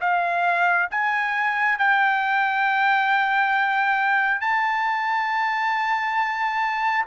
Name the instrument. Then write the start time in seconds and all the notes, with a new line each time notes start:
trumpet
0.00 F5
0.91 G#5
1.78 G5
4.40 A5